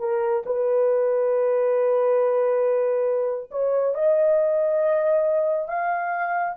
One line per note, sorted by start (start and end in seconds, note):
0.00 0.43 A#4
0.46 3.51 B4
3.51 3.95 C#5
3.95 5.69 D#5
5.69 6.56 F5